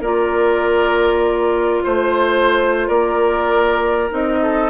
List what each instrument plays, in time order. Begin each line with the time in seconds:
0.00 bassoon A#3, clarinet F4, oboe A#4, flute D5
1.83 bassoon A3, oboe C5, flute C5
2.87 bassoon A#3, oboe A#4, flute D5
4.10 bassoon C4, clarinet D#4, flute D#5
4.42 oboe A4